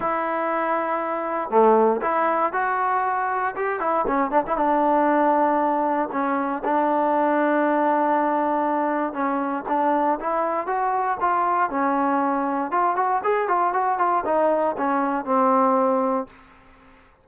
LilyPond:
\new Staff \with { instrumentName = "trombone" } { \time 4/4 \tempo 4 = 118 e'2. a4 | e'4 fis'2 g'8 e'8 | cis'8 d'16 e'16 d'2. | cis'4 d'2.~ |
d'2 cis'4 d'4 | e'4 fis'4 f'4 cis'4~ | cis'4 f'8 fis'8 gis'8 f'8 fis'8 f'8 | dis'4 cis'4 c'2 | }